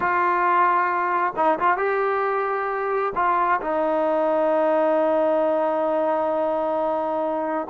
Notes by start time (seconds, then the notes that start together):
0.00 F4
1.36 D#4
1.59 F4
1.77 G4
3.15 F4
3.61 D#4